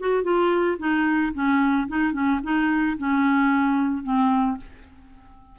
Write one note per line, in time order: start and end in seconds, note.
0.00 0.23 F#4
0.23 0.77 F4
0.79 1.33 D#4
1.34 1.88 C#4
1.88 2.13 D#4
2.13 2.40 C#4
2.43 2.97 D#4
2.98 4.03 C#4
4.03 4.57 C4